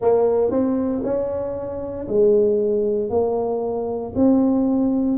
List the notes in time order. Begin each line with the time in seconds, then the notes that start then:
0.00 A#3
0.50 C4
1.03 C#4
2.07 G#3
3.09 A#3
4.15 C4